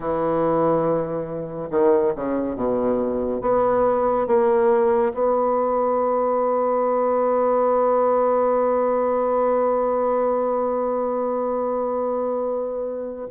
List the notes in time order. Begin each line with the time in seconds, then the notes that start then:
0.00 E3
1.70 D#3
2.15 C#3
2.55 B2
3.41 B3
4.27 A#3
5.13 B3